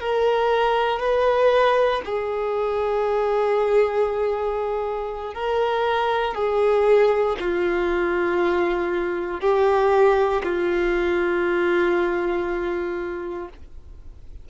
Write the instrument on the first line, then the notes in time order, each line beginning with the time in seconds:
violin
0.00 A#4
0.99 B4
2.05 G#4
5.34 A#4
6.35 G#4
7.40 F4
9.41 G4
10.43 F4